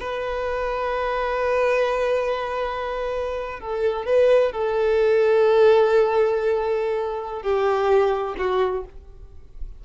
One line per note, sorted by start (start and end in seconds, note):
0.00 3.60 B4
3.60 4.05 A4
4.05 4.52 B4
4.52 7.42 A4
7.42 8.35 G4
8.38 8.84 F#4